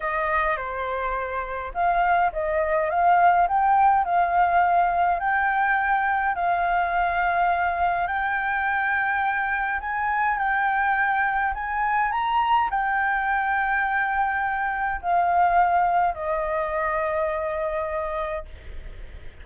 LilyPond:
\new Staff \with { instrumentName = "flute" } { \time 4/4 \tempo 4 = 104 dis''4 c''2 f''4 | dis''4 f''4 g''4 f''4~ | f''4 g''2 f''4~ | f''2 g''2~ |
g''4 gis''4 g''2 | gis''4 ais''4 g''2~ | g''2 f''2 | dis''1 | }